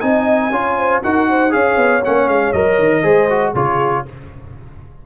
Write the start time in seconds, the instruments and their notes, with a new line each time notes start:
0.00 tuba C4, trombone D#4, horn D#5, trumpet G#5
0.50 tuba C#4, trombone F4, horn C#5
0.77 horn C5
1.03 tuba D#4, trombone F#4, horn A#4, trumpet F#5
1.29 horn C5
1.50 tuba C#4, trombone G#4, horn C#5, trumpet F5
1.77 tuba B3
2.04 tuba A#3, trombone C#4, trumpet F#5
2.27 tuba G#3, trumpet F5
2.52 tuba F#3, trombone A#4, trumpet D#5
2.79 tuba D#3
3.03 tuba G#3, trombone G#4, horn C5
3.29 trombone F#4
3.54 tuba C#3, trombone F4, horn G#4, trumpet C#5